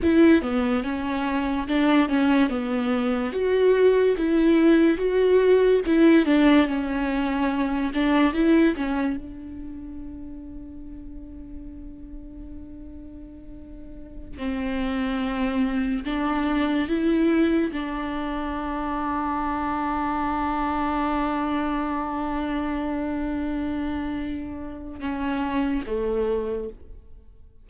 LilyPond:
\new Staff \with { instrumentName = "viola" } { \time 4/4 \tempo 4 = 72 e'8 b8 cis'4 d'8 cis'8 b4 | fis'4 e'4 fis'4 e'8 d'8 | cis'4. d'8 e'8 cis'8 d'4~ | d'1~ |
d'4~ d'16 c'2 d'8.~ | d'16 e'4 d'2~ d'8.~ | d'1~ | d'2 cis'4 a4 | }